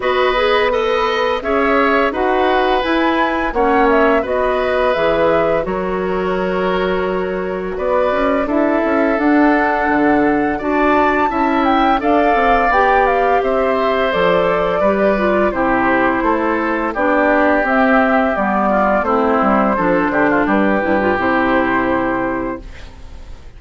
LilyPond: <<
  \new Staff \with { instrumentName = "flute" } { \time 4/4 \tempo 4 = 85 dis''4 b'4 e''4 fis''4 | gis''4 fis''8 e''8 dis''4 e''4 | cis''2. d''4 | e''4 fis''2 a''4~ |
a''8 g''8 f''4 g''8 f''8 e''4 | d''2 c''2 | d''4 e''4 d''4 c''4~ | c''4 b'4 c''2 | }
  \new Staff \with { instrumentName = "oboe" } { \time 4/4 b'4 dis''4 cis''4 b'4~ | b'4 cis''4 b'2 | ais'2. b'4 | a'2. d''4 |
e''4 d''2 c''4~ | c''4 b'4 g'4 a'4 | g'2~ g'8 f'8 e'4 | a'8 g'16 f'16 g'2. | }
  \new Staff \with { instrumentName = "clarinet" } { \time 4/4 fis'8 gis'8 a'4 gis'4 fis'4 | e'4 cis'4 fis'4 gis'4 | fis'1 | e'4 d'2 fis'4 |
e'4 a'4 g'2 | a'4 g'8 f'8 e'2 | d'4 c'4 b4 c'4 | d'4. e'16 f'16 e'2 | }
  \new Staff \with { instrumentName = "bassoon" } { \time 4/4 b2 cis'4 dis'4 | e'4 ais4 b4 e4 | fis2. b8 cis'8 | d'8 cis'8 d'4 d4 d'4 |
cis'4 d'8 c'8 b4 c'4 | f4 g4 c4 a4 | b4 c'4 g4 a8 g8 | f8 d8 g8 g,8 c2 | }
>>